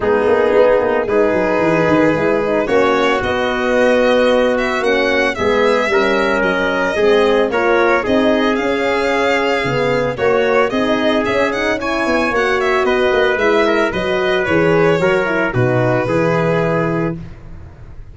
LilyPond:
<<
  \new Staff \with { instrumentName = "violin" } { \time 4/4 \tempo 4 = 112 gis'2 b'2~ | b'4 cis''4 dis''2~ | dis''8 e''8 fis''4 e''2 | dis''2 cis''4 dis''4 |
f''2. cis''4 | dis''4 e''8 fis''8 gis''4 fis''8 e''8 | dis''4 e''4 dis''4 cis''4~ | cis''4 b'2. | }
  \new Staff \with { instrumentName = "trumpet" } { \time 4/4 dis'2 gis'2~ | gis'4 fis'2.~ | fis'2 gis'4 ais'4~ | ais'4 gis'4 ais'4 gis'4~ |
gis'2. fis'4 | gis'2 cis''2 | b'4. ais'8 b'2 | ais'4 fis'4 gis'2 | }
  \new Staff \with { instrumentName = "horn" } { \time 4/4 b2 dis'2 | e'8 dis'8 cis'4 b2~ | b4 cis'4 b4 cis'4~ | cis'4 c'4 f'4 dis'4 |
cis'2 b4 ais4 | dis'4 cis'8 dis'8 e'4 fis'4~ | fis'4 e'4 fis'4 gis'4 | fis'8 e'8 dis'4 e'2 | }
  \new Staff \with { instrumentName = "tuba" } { \time 4/4 gis8 ais8 b8 ais8 gis8 fis8 e8 dis8 | gis4 ais4 b2~ | b4 ais4 gis4 g4 | fis4 gis4 ais4 c'4 |
cis'2 cis4 ais4 | c'4 cis'4. b8 ais4 | b8 ais8 gis4 fis4 e4 | fis4 b,4 e2 | }
>>